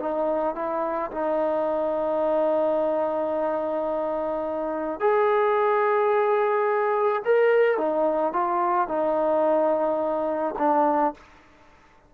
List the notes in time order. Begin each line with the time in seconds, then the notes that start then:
0.00 D#4
0.56 E4
1.11 D#4
5.01 G#4
7.25 A#4
7.78 D#4
8.33 F4
8.89 D#4
10.59 D4